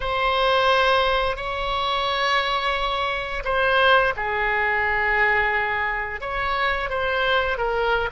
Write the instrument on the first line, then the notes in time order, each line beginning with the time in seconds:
oboe
0.00 C5
1.36 C#5
3.44 C5
4.16 G#4
6.20 C#5
6.89 C5
7.57 A#4